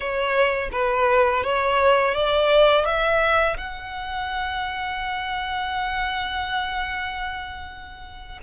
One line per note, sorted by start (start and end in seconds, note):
0.00 0.69 C#5
0.71 1.43 B4
1.43 2.14 C#5
2.14 2.85 D5
2.85 3.56 E5
3.57 8.39 F#5